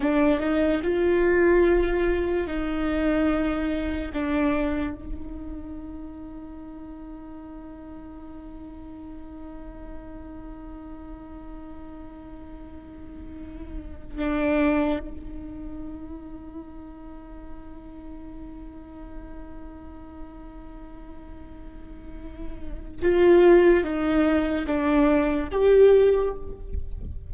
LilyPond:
\new Staff \with { instrumentName = "viola" } { \time 4/4 \tempo 4 = 73 d'8 dis'8 f'2 dis'4~ | dis'4 d'4 dis'2~ | dis'1~ | dis'1~ |
dis'4~ dis'16 d'4 dis'4.~ dis'16~ | dis'1~ | dis'1 | f'4 dis'4 d'4 g'4 | }